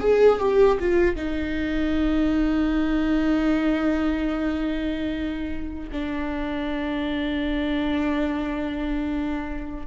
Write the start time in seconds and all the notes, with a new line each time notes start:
0.00 G#4
0.39 G4
0.80 F4
1.16 D#4
5.92 D4